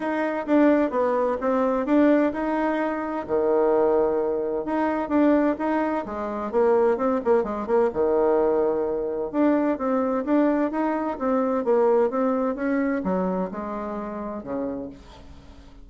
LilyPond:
\new Staff \with { instrumentName = "bassoon" } { \time 4/4 \tempo 4 = 129 dis'4 d'4 b4 c'4 | d'4 dis'2 dis4~ | dis2 dis'4 d'4 | dis'4 gis4 ais4 c'8 ais8 |
gis8 ais8 dis2. | d'4 c'4 d'4 dis'4 | c'4 ais4 c'4 cis'4 | fis4 gis2 cis4 | }